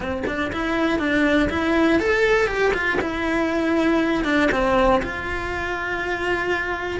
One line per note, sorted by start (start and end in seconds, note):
0.00 0.23 C4
0.26 0.51 D4
0.52 0.98 E4
0.98 1.48 D4
1.49 1.99 E4
1.99 2.47 A4
2.47 2.72 G4
2.73 2.98 F4
3.01 4.24 E4
4.24 4.49 D4
4.51 5.01 C4
5.02 7.00 F4